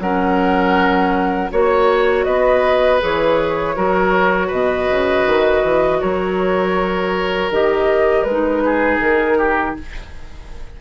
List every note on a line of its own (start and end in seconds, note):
0.00 1.50 F#3
0.00 1.51 C#4
0.00 1.52 A#4
0.00 1.51 F#5
1.51 2.26 A#3
1.51 3.00 F#4
1.51 2.25 C#5
1.51 2.24 C#5
2.24 3.01 B3
2.24 3.75 B4
2.24 2.99 D#5
3.00 3.77 E3
3.00 3.75 G#4
3.00 4.51 C#5
3.76 4.51 F#3
3.76 7.51 F#4
3.76 4.47 A#4
4.47 4.89 B2
4.47 5.97 B4
4.47 6.01 D#5
4.90 5.26 C#3
5.26 5.63 D#3
5.64 6.01 E3
6.01 7.50 F#3
6.01 8.63 A#4
6.01 7.51 C#5
7.50 8.25 D#3
7.50 8.27 G4
7.50 8.23 D#5
8.23 8.99 G#3
8.23 8.98 B4
8.31 9.81 D#4
8.65 9.38 G#4
8.99 9.74 D#3
8.99 9.77 A#4
9.38 9.75 G4